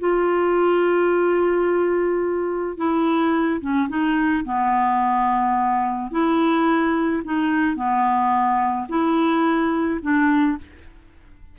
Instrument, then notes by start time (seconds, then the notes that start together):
clarinet
0.00 F4
2.78 E4
3.61 C#4
3.89 D#4
4.45 B3
6.12 E4
7.25 D#4
7.76 B3
8.89 E4
10.03 D4